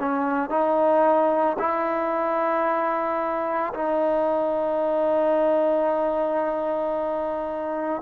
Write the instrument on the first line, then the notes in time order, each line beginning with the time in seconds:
trombone
0.00 C#4
0.50 D#4
1.59 E4
3.74 D#4